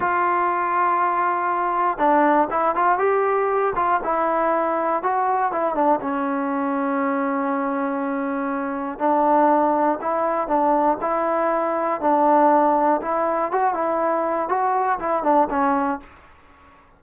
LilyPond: \new Staff \with { instrumentName = "trombone" } { \time 4/4 \tempo 4 = 120 f'1 | d'4 e'8 f'8 g'4. f'8 | e'2 fis'4 e'8 d'8 | cis'1~ |
cis'2 d'2 | e'4 d'4 e'2 | d'2 e'4 fis'8 e'8~ | e'4 fis'4 e'8 d'8 cis'4 | }